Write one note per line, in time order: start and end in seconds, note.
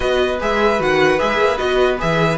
0.00 0.39 B3
0.00 0.39 F#4
0.00 2.38 B4
0.00 0.40 D#5
0.40 0.79 G#3
0.40 0.78 G#4
0.40 0.82 E5
0.78 1.19 D#3
0.78 1.18 F#4
0.78 1.19 F#5
1.18 1.38 G#3
1.18 1.58 G#4
1.18 1.57 E5
1.38 1.58 A#3
1.57 2.01 B3
1.57 1.98 F#4
1.57 1.97 D#5
1.98 2.38 E3
1.98 2.38 G#4
1.98 2.38 E5